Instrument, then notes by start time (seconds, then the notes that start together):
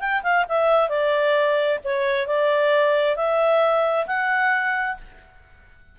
clarinet
0.00 G5
0.23 F5
0.49 E5
0.89 D5
1.84 C#5
2.27 D5
3.16 E5
4.07 F#5